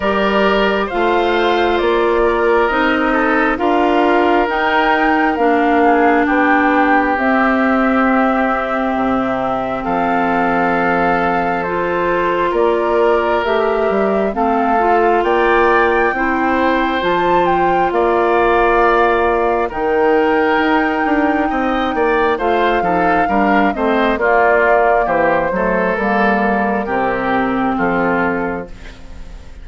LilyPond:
<<
  \new Staff \with { instrumentName = "flute" } { \time 4/4 \tempo 4 = 67 d''4 f''4 d''4 dis''4 | f''4 g''4 f''4 g''4 | e''2. f''4~ | f''4 c''4 d''4 e''4 |
f''4 g''2 a''8 g''8 | f''2 g''2~ | g''4 f''4. dis''8 d''4 | c''4 ais'2 a'4 | }
  \new Staff \with { instrumentName = "oboe" } { \time 4/4 ais'4 c''4. ais'4 a'8 | ais'2~ ais'8 gis'8 g'4~ | g'2. a'4~ | a'2 ais'2 |
a'4 d''4 c''2 | d''2 ais'2 | dis''8 d''8 c''8 a'8 ais'8 c''8 f'4 | g'8 a'4. g'4 f'4 | }
  \new Staff \with { instrumentName = "clarinet" } { \time 4/4 g'4 f'2 dis'4 | f'4 dis'4 d'2 | c'1~ | c'4 f'2 g'4 |
c'8 f'4. e'4 f'4~ | f'2 dis'2~ | dis'4 f'8 dis'8 d'8 c'8 ais4~ | ais8 a8 ais4 c'2 | }
  \new Staff \with { instrumentName = "bassoon" } { \time 4/4 g4 a4 ais4 c'4 | d'4 dis'4 ais4 b4 | c'2 c4 f4~ | f2 ais4 a8 g8 |
a4 ais4 c'4 f4 | ais2 dis4 dis'8 d'8 | c'8 ais8 a8 f8 g8 a8 ais4 | e8 fis8 g4 c4 f4 | }
>>